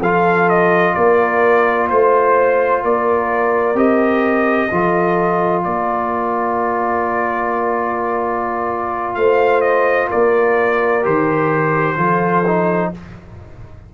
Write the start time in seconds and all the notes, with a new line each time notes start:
0.00 F3 F4 A4 F5
0.49 D#5
0.94 A#3 A#4 D5
1.89 A3 C5
2.83 A#3 A#4 D5
3.75 C4 G4 D#5
4.71 F3 F4 A4
5.63 A#3 A#4 D5
9.15 A3 C5 F5
9.61 D#5
10.09 A#3 A#4 D5
11.02 D#3 G4 C5
11.96 F3 F4 A4
12.47 D#4